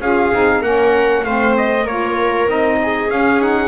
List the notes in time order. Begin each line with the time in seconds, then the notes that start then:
0.00 C#4 F4 G#4 F5
0.32 C4 D#4
0.61 A#3 C#4 A#4 F#5
1.24 A3 C4 C5 F5
1.57 D#5
1.84 A#3 F4 A#4 C#5
2.46 C4 D#4 D#5
2.82 G#4
3.09 C#4 F5
3.40 D#4 F#5